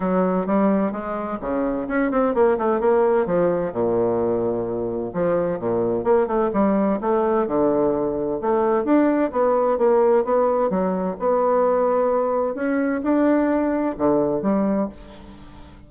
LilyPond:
\new Staff \with { instrumentName = "bassoon" } { \time 4/4 \tempo 4 = 129 fis4 g4 gis4 cis4 | cis'8 c'8 ais8 a8 ais4 f4 | ais,2. f4 | ais,4 ais8 a8 g4 a4 |
d2 a4 d'4 | b4 ais4 b4 fis4 | b2. cis'4 | d'2 d4 g4 | }